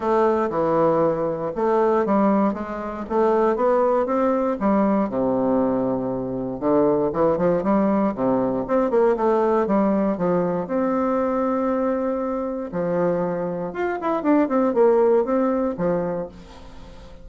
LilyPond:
\new Staff \with { instrumentName = "bassoon" } { \time 4/4 \tempo 4 = 118 a4 e2 a4 | g4 gis4 a4 b4 | c'4 g4 c2~ | c4 d4 e8 f8 g4 |
c4 c'8 ais8 a4 g4 | f4 c'2.~ | c'4 f2 f'8 e'8 | d'8 c'8 ais4 c'4 f4 | }